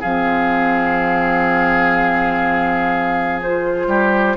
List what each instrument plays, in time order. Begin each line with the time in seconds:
0.00 bassoon F3, clarinet C4, oboe G#4, flute F5
3.42 clarinet F4, flute C5
3.87 bassoon G3, oboe G4